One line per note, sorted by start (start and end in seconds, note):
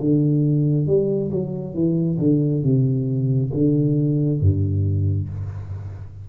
0.00 0.87 D3
0.87 1.31 G3
1.31 1.74 F#3
1.74 2.18 E3
2.19 2.63 D3
2.63 3.51 C3
3.53 4.40 D3
4.40 5.29 G2